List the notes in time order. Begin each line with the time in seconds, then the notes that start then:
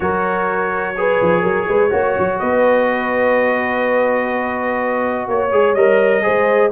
0.00 F#3 F#4 A#4 C#5
0.97 G#4 B4
1.21 F3
1.42 F#3 A#4
1.68 G#3 B4
1.90 A#3 F#4 C#5
2.18 F#3
2.39 B3 B4 D#5
5.28 A#3 C#5
5.51 G#3 G#4
5.74 G3 A#4 D#5
6.22 G#3 G#4 C5